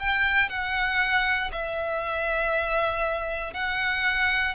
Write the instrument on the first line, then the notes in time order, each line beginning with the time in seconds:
violin
0.00 G5
0.49 F#5
1.53 E5
3.54 F#5